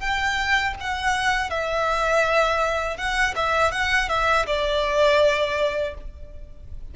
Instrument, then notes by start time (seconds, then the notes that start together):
violin
0.00 G5
0.80 F#5
1.50 E5
2.97 F#5
3.36 E5
3.72 F#5
4.09 E5
4.46 D5